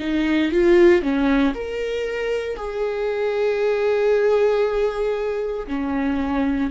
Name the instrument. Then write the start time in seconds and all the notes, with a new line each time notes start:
viola
0.00 D#4
0.52 F4
1.02 C#4
1.54 A#4
2.57 G#4
5.67 C#4